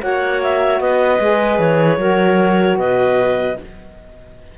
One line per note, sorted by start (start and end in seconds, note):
0.00 0.80 A#3
0.00 1.18 F#4
0.00 0.81 C#5
0.00 0.42 F#5
0.42 0.80 E5
0.80 1.19 B3
0.80 1.99 B4
0.80 1.59 D#5
1.20 1.59 G#3
1.20 1.98 G#4
1.59 1.97 E3
1.59 2.77 C#5
1.97 2.76 F#3
1.97 3.56 F#4
1.97 2.78 A#4
2.77 3.56 B2
2.77 3.57 B4
2.77 3.57 D#5